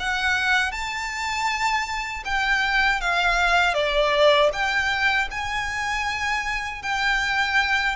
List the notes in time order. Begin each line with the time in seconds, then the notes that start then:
0.00 F#5
0.72 A5
2.25 G5
3.01 F5
3.74 D5
4.53 G5
5.31 G#5
6.83 G5